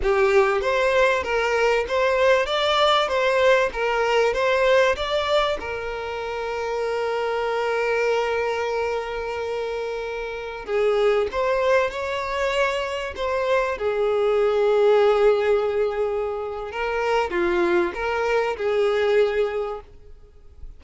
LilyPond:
\new Staff \with { instrumentName = "violin" } { \time 4/4 \tempo 4 = 97 g'4 c''4 ais'4 c''4 | d''4 c''4 ais'4 c''4 | d''4 ais'2.~ | ais'1~ |
ais'4~ ais'16 gis'4 c''4 cis''8.~ | cis''4~ cis''16 c''4 gis'4.~ gis'16~ | gis'2. ais'4 | f'4 ais'4 gis'2 | }